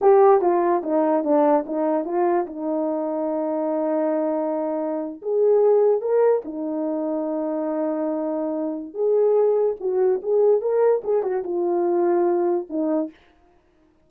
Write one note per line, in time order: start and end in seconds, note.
0.01 0.41 G4
0.41 0.82 F4
0.83 1.24 D#4
1.24 1.64 D4
1.66 2.04 D#4
2.04 2.45 F4
2.46 5.21 D#4
5.22 6.01 G#4
6.01 6.42 A#4
6.44 8.94 D#4
8.94 9.76 G#4
9.80 10.20 F#4
10.22 10.61 G#4
10.61 11.02 A#4
11.04 11.22 G#4
11.22 11.43 F#4
11.43 12.66 F4
12.69 13.10 D#4